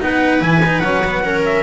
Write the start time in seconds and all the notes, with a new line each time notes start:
0.00 B3 D#4 B4 F#5
0.41 E3 E4 G#5
0.66 D#4
0.80 F#3 C#4 F#5
1.04 B3
1.24 C#4 A#4
1.45 E5